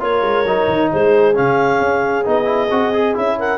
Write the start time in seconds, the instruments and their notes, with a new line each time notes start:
0.00 tuba A#3, trombone F4, horn A#4, clarinet C#5
0.22 tuba G#3
0.44 tuba F#3, trombone D#4
0.68 tuba D#3
0.92 tuba G#3, horn G#4, clarinet C5
1.34 tuba C#3, trombone C#4, clarinet F5
1.81 tuba C#4
2.24 tuba B3, trombone D#4, clarinet D#5
2.45 trombone E4
2.71 tuba C4, trombone F#4
2.94 trombone G#4
3.14 tuba C#4, trombone E4, clarinet E5
3.38 horn A#4, clarinet F#5